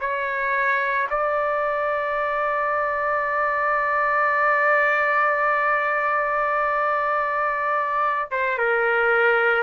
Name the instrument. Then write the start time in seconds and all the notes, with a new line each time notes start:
trumpet
0.00 C#5
1.10 D5
8.31 C5
8.58 A#4